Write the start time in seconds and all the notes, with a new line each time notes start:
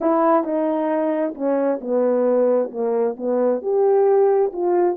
0.00 E4
0.43 D#4
1.34 C#4
1.80 B3
2.71 A#3
3.17 B3
3.62 G4
4.52 F4